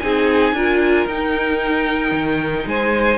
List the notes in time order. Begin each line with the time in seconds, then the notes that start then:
0.00 C4 D#4 G#4 G#5
0.53 D4 F4 A#4
1.07 D#4 G5
2.11 D#3
2.66 G#3 C5 G#5